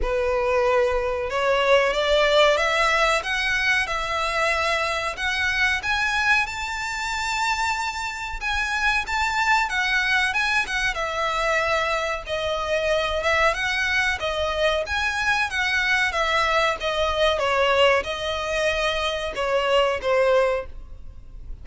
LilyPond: \new Staff \with { instrumentName = "violin" } { \time 4/4 \tempo 4 = 93 b'2 cis''4 d''4 | e''4 fis''4 e''2 | fis''4 gis''4 a''2~ | a''4 gis''4 a''4 fis''4 |
gis''8 fis''8 e''2 dis''4~ | dis''8 e''8 fis''4 dis''4 gis''4 | fis''4 e''4 dis''4 cis''4 | dis''2 cis''4 c''4 | }